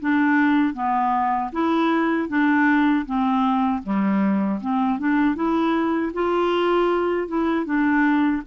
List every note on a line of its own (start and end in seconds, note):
0.00 0.74 D4
0.74 1.51 B3
1.52 2.28 E4
2.28 3.05 D4
3.06 3.83 C4
3.83 4.60 G3
4.61 4.99 C4
4.99 5.35 D4
5.35 6.12 E4
6.13 7.28 F4
7.28 7.65 E4
7.65 8.42 D4